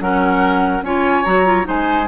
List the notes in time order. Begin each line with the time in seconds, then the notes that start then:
0.00 F#3 C#4 A#4 F#5
0.82 C#4 F4 C#5 G#5
1.24 F#3 F#4 A#5
1.45 F4
1.64 G#3 D#4 C5 G#5